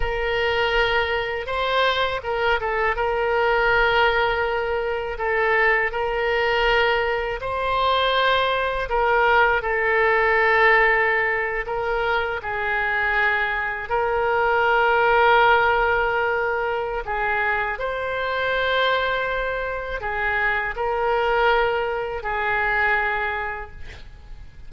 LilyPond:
\new Staff \with { instrumentName = "oboe" } { \time 4/4 \tempo 4 = 81 ais'2 c''4 ais'8 a'8 | ais'2. a'4 | ais'2 c''2 | ais'4 a'2~ a'8. ais'16~ |
ais'8. gis'2 ais'4~ ais'16~ | ais'2. gis'4 | c''2. gis'4 | ais'2 gis'2 | }